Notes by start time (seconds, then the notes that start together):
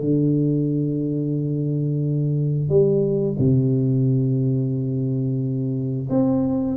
0.00 D3
2.69 G3
3.38 C3
6.09 C4